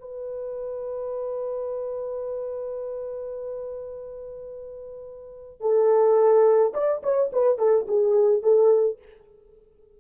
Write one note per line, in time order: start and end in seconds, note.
0.00 5.60 B4
5.60 6.72 A4
6.74 7.02 D5
7.03 7.31 C#5
7.33 7.58 B4
7.58 7.86 A4
7.88 8.42 G#4
8.42 8.98 A4